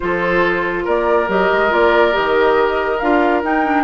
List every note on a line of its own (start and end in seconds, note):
0.00 0.87 F3
0.00 1.28 F4
0.00 0.84 A4
0.00 0.85 C5
0.84 1.28 A#3
0.84 3.84 A#4
0.84 1.29 D5
1.28 1.49 F#3
1.28 1.69 G4
1.28 1.73 D#5
1.52 1.72 G#3
1.69 2.15 A#3
1.69 2.12 F4
1.69 2.15 D5
2.12 3.01 D#3
2.12 2.97 G4
2.12 2.98 D#5
2.98 3.43 D4
2.98 3.44 F4
2.98 3.41 F5
3.43 3.84 D#4
3.43 3.65 D#4
3.43 3.84 G5
3.65 3.84 D4